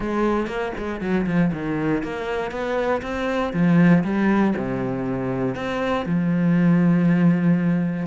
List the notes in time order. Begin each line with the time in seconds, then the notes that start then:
0.00 G#3
0.47 A#3
0.77 G#3
1.00 F#3
1.26 F3
1.52 D#3
2.03 A#3
2.51 B3
3.02 C4
3.53 F3
4.04 G3
4.56 C3
5.55 C4
6.05 F3